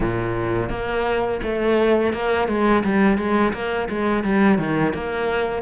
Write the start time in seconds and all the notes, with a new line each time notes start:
0.00 A#2
0.69 A#3
1.42 A3
2.13 A#3
2.47 G#3
2.84 G3
3.17 G#3
3.53 A#3
3.89 G#3
4.23 G3
4.58 D#3
4.93 A#3